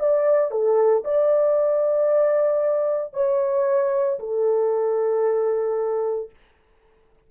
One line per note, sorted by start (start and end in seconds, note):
0.00 0.51 D5
0.51 1.04 A4
1.05 3.14 D5
3.14 4.19 C#5
4.20 6.30 A4